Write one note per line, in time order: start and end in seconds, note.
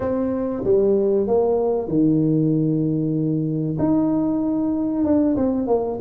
0.00 0.63 C4
0.63 1.27 G3
1.27 1.87 A#3
1.87 3.77 D#3
3.79 5.04 D#4
5.04 5.36 D4
5.36 5.67 C4
5.67 5.99 A#3